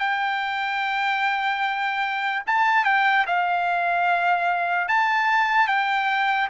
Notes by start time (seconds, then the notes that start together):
0.00 G5
2.47 A5
2.85 G5
3.27 F5
4.89 A5
5.68 G5